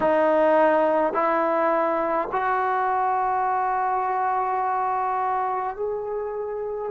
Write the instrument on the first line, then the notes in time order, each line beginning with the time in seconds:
trombone
0.00 D#4
1.13 E4
2.31 F#4
5.76 G#4